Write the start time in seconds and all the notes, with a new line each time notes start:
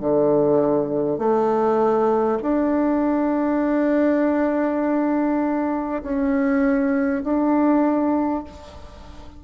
0.00 D3
1.18 A3
2.42 D4
6.03 C#4
7.24 D4